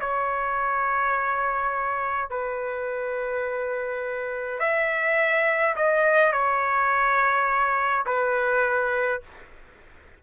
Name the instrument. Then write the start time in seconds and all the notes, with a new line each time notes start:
trumpet
0.00 C#5
2.30 B4
4.59 E5
5.76 D#5
6.32 C#5
8.06 B4